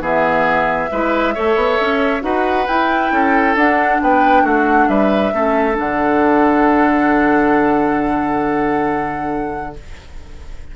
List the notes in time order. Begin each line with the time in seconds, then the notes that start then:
0.00 E3 B3 G#4 E5
0.92 G#3 E4 B4
1.34 A3 A4 C#5
1.56 B3
1.81 C#4
2.21 D#4 F#4 B4 F#5
2.67 E4 G5
3.11 C#4 A4
3.55 D4 F#5
4.02 B3 B4 G5
4.43 A3 F#4 F#5
4.88 G3 B4 E5
5.33 A3 C#4 A4
5.73 D3 D4 F#5